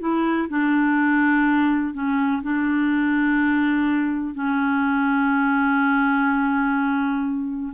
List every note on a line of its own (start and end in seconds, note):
0.00 0.48 E4
0.49 1.94 D4
1.94 2.43 C#4
2.43 4.35 D4
4.35 7.73 C#4